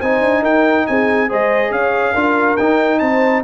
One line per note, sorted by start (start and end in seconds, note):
0.00 0.21 C4
0.00 1.29 D#4
0.00 0.42 C5
0.00 0.44 G#5
0.21 0.42 D4
0.42 0.85 D#4
0.42 0.85 A#4
0.42 0.87 G5
0.87 1.31 C4
0.87 1.29 G#4
0.87 1.30 G#5
1.29 1.71 G#3
1.29 2.14 G#4
1.29 1.72 C5
1.29 1.72 D#5
1.71 2.14 C#4
1.71 2.13 C#5
1.71 2.57 F5
2.13 2.57 D4
2.13 2.58 F4
2.13 2.99 A#4
2.57 3.01 D#4
2.57 3.44 D#4
2.57 2.99 G5
2.99 3.44 C4
2.99 3.44 C5
2.99 3.42 A5